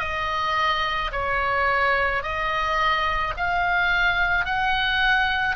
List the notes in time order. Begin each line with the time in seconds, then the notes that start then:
0.00 D#5
1.12 C#5
2.23 D#5
3.37 F5
4.45 F#5